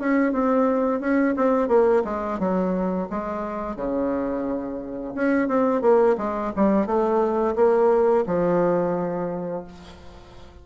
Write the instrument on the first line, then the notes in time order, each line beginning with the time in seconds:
bassoon
0.00 C#4
0.33 C4
1.01 C#4
1.37 C4
1.69 A#3
2.05 G#3
2.39 F#3
3.10 G#3
3.76 C#3
5.15 C#4
5.48 C4
5.82 A#3
6.18 G#3
6.56 G3
6.87 A3
7.56 A#3
8.27 F3